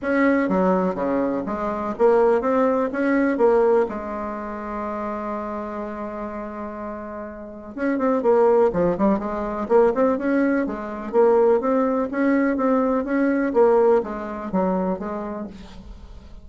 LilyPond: \new Staff \with { instrumentName = "bassoon" } { \time 4/4 \tempo 4 = 124 cis'4 fis4 cis4 gis4 | ais4 c'4 cis'4 ais4 | gis1~ | gis1 |
cis'8 c'8 ais4 f8 g8 gis4 | ais8 c'8 cis'4 gis4 ais4 | c'4 cis'4 c'4 cis'4 | ais4 gis4 fis4 gis4 | }